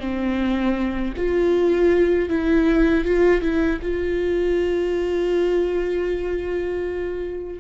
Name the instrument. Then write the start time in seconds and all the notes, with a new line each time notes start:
viola
0.00 C4
1.17 F4
2.29 E4
3.05 F4
3.42 E4
3.82 F4